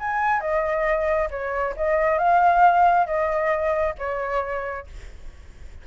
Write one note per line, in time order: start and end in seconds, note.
0.00 0.41 G#5
0.41 1.29 D#5
1.31 1.75 C#5
1.77 2.19 D#5
2.19 3.07 F5
3.07 3.95 D#5
3.99 4.87 C#5